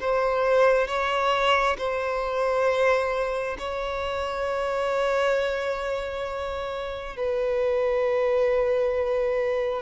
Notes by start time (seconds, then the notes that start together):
0.00 C5
0.87 C#5
1.77 C5
3.59 C#5
7.16 B4